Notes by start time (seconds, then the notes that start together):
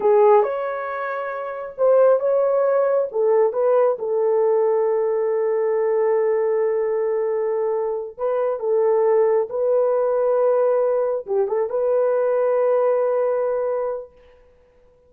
0.00 G#4
0.42 C#5
1.77 C5
2.19 C#5
3.11 A4
3.53 B4
3.98 A4
8.17 B4
8.59 A4
9.49 B4
11.26 G4
11.47 A4
11.69 B4